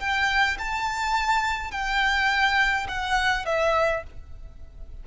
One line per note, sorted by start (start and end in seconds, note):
0.00 0.58 G5
0.59 1.72 A5
1.72 2.87 G5
2.88 3.46 F#5
3.46 4.03 E5